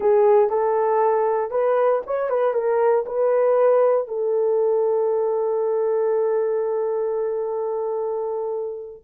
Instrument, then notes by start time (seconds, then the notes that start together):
horn
0.00 G#4
0.49 A4
1.50 B4
2.06 C#5
2.29 B4
2.53 A#4
3.06 B4
4.07 A4